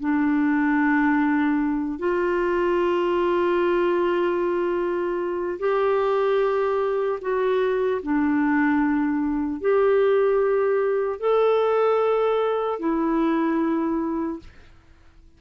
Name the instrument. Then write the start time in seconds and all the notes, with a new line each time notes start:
clarinet
0.00 D4
1.99 F4
5.59 G4
7.21 F#4
8.03 D4
9.61 G4
11.20 A4
12.79 E4